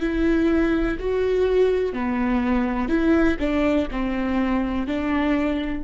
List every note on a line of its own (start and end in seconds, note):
0.00 0.97 E4
0.99 1.93 F#4
1.93 2.89 B3
2.89 3.37 E4
3.39 3.88 D4
3.91 4.87 C4
4.87 5.83 D4